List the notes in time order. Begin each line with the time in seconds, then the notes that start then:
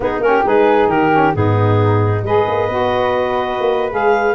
0.00 B3 D#4 G#4
0.19 A#3 C#4 A#4
0.26 G4
0.44 G#3 D#4 G#4 B4
0.87 D#3 G4 A#4
1.11 C#4
1.34 G#2 B3 D#4 G#4
2.22 G#3 G#4 B4 D#5
2.47 A#3
2.68 B3 F#4
3.60 A#3
3.90 G#3 G#4 F5